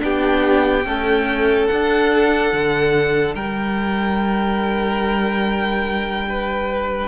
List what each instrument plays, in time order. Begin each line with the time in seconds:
0.00 cello B3, viola D4, violin G4 G5
0.85 viola A3, cello C#4, violin A4
1.67 viola D4, cello D4, violin F#5
2.53 cello D3
3.35 cello G3, violin A#4 G5
6.29 violin B4